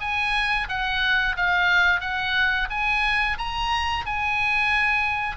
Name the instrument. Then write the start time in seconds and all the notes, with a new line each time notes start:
oboe
0.00 G#5
0.68 F#5
1.36 F5
2.00 F#5
2.70 G#5
3.38 A#5
4.05 G#5